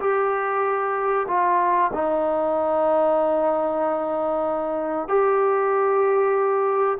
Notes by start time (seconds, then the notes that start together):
0.00 G4
1.27 F4
1.93 D#4
5.08 G4